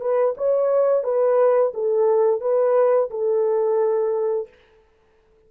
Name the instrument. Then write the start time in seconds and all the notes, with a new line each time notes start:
horn
0.00 B4
0.37 C#5
1.03 B4
1.73 A4
2.40 B4
3.10 A4